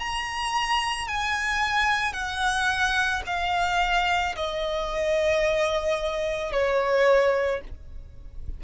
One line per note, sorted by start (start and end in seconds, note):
0.00 1.08 A#5
1.08 2.13 G#5
2.13 3.22 F#5
3.27 4.36 F5
4.36 6.53 D#5
6.53 7.62 C#5